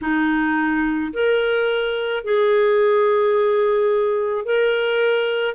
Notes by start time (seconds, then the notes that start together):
0.01 D#4
1.13 A#4
2.24 G#4
4.45 A#4